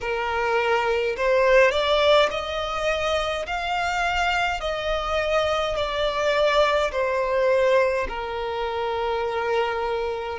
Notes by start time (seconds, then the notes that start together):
0.00 A#4
1.16 C5
1.71 D5
2.30 D#5
3.46 F5
4.60 D#5
5.75 D5
6.91 C5
8.08 A#4